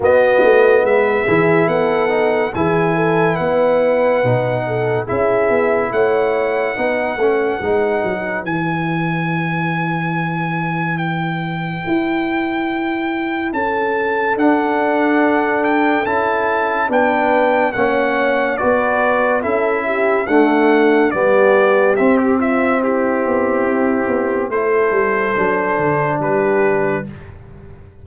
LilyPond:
<<
  \new Staff \with { instrumentName = "trumpet" } { \time 4/4 \tempo 4 = 71 dis''4 e''4 fis''4 gis''4 | fis''2 e''4 fis''4~ | fis''2 gis''2~ | gis''4 g''2. |
a''4 fis''4. g''8 a''4 | g''4 fis''4 d''4 e''4 | fis''4 d''4 e''16 g'16 e''8 g'4~ | g'4 c''2 b'4 | }
  \new Staff \with { instrumentName = "horn" } { \time 4/4 fis'4 b'8 gis'8 a'4 gis'8 a'8 | b'4. a'8 gis'4 cis''4 | b'1~ | b'1 |
a'1 | b'4 cis''4 b'4 a'8 g'8 | a'4 g'4. f'8 e'4~ | e'4 a'2 g'4 | }
  \new Staff \with { instrumentName = "trombone" } { \time 4/4 b4. e'4 dis'8 e'4~ | e'4 dis'4 e'2 | dis'8 cis'8 dis'4 e'2~ | e'1~ |
e'4 d'2 e'4 | d'4 cis'4 fis'4 e'4 | a4 b4 c'2~ | c'4 e'4 d'2 | }
  \new Staff \with { instrumentName = "tuba" } { \time 4/4 b8 a8 gis8 e8 b4 e4 | b4 b,4 cis'8 b8 a4 | b8 a8 gis8 fis8 e2~ | e2 e'2 |
cis'4 d'2 cis'4 | b4 ais4 b4 cis'4 | d'4 g4 c'4. b8 | c'8 b8 a8 g8 fis8 d8 g4 | }
>>